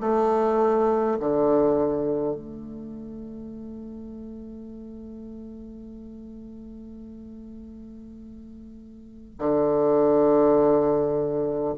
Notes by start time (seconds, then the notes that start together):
0.00 A3
1.20 D3
2.35 A3
9.39 D3